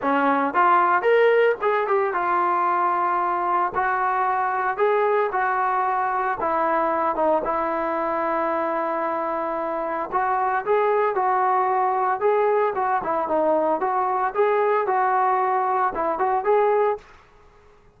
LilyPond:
\new Staff \with { instrumentName = "trombone" } { \time 4/4 \tempo 4 = 113 cis'4 f'4 ais'4 gis'8 g'8 | f'2. fis'4~ | fis'4 gis'4 fis'2 | e'4. dis'8 e'2~ |
e'2. fis'4 | gis'4 fis'2 gis'4 | fis'8 e'8 dis'4 fis'4 gis'4 | fis'2 e'8 fis'8 gis'4 | }